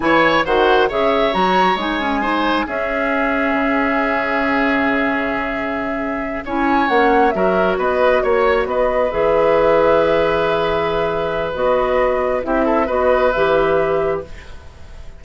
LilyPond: <<
  \new Staff \with { instrumentName = "flute" } { \time 4/4 \tempo 4 = 135 gis''4 fis''4 e''4 ais''4 | gis''2 e''2~ | e''1~ | e''2~ e''8 gis''4 fis''8~ |
fis''8 e''4 dis''4 cis''4 dis''8~ | dis''8 e''2.~ e''8~ | e''2 dis''2 | e''4 dis''4 e''2 | }
  \new Staff \with { instrumentName = "oboe" } { \time 4/4 cis''4 c''4 cis''2~ | cis''4 c''4 gis'2~ | gis'1~ | gis'2~ gis'8 cis''4.~ |
cis''8 ais'4 b'4 cis''4 b'8~ | b'1~ | b'1 | g'8 a'8 b'2. | }
  \new Staff \with { instrumentName = "clarinet" } { \time 4/4 e'4 fis'4 gis'4 fis'4 | dis'8 cis'8 dis'4 cis'2~ | cis'1~ | cis'2~ cis'8 e'4 cis'8~ |
cis'8 fis'2.~ fis'8~ | fis'8 gis'2.~ gis'8~ | gis'2 fis'2 | e'4 fis'4 g'2 | }
  \new Staff \with { instrumentName = "bassoon" } { \time 4/4 e4 dis4 cis4 fis4 | gis2 cis'2 | cis1~ | cis2~ cis8 cis'4 ais8~ |
ais8 fis4 b4 ais4 b8~ | b8 e2.~ e8~ | e2 b2 | c'4 b4 e2 | }
>>